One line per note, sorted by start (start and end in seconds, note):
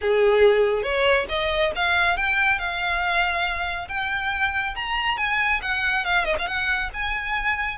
0.01 0.82 G#4
0.82 1.26 C#5
1.29 1.72 D#5
1.75 2.16 F5
2.16 2.58 G5
2.58 3.88 F5
3.88 4.74 G5
4.75 5.17 A#5
5.17 5.60 G#5
5.62 6.05 F#5
6.05 6.25 F5
6.25 6.35 D#5
6.38 6.46 F5
6.46 6.89 F#5
6.93 7.77 G#5